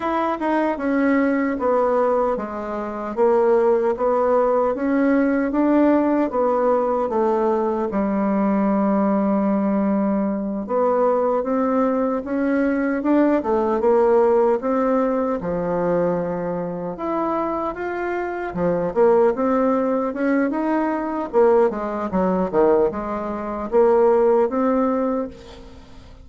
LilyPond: \new Staff \with { instrumentName = "bassoon" } { \time 4/4 \tempo 4 = 76 e'8 dis'8 cis'4 b4 gis4 | ais4 b4 cis'4 d'4 | b4 a4 g2~ | g4. b4 c'4 cis'8~ |
cis'8 d'8 a8 ais4 c'4 f8~ | f4. e'4 f'4 f8 | ais8 c'4 cis'8 dis'4 ais8 gis8 | fis8 dis8 gis4 ais4 c'4 | }